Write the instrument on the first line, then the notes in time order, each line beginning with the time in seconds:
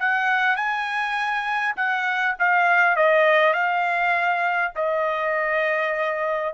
trumpet
0.00 F#5
0.56 G#5
1.76 F#5
2.39 F5
2.96 D#5
3.54 F5
4.76 D#5